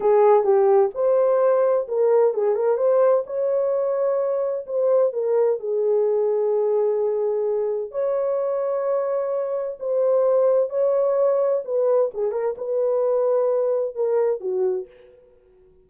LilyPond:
\new Staff \with { instrumentName = "horn" } { \time 4/4 \tempo 4 = 129 gis'4 g'4 c''2 | ais'4 gis'8 ais'8 c''4 cis''4~ | cis''2 c''4 ais'4 | gis'1~ |
gis'4 cis''2.~ | cis''4 c''2 cis''4~ | cis''4 b'4 gis'8 ais'8 b'4~ | b'2 ais'4 fis'4 | }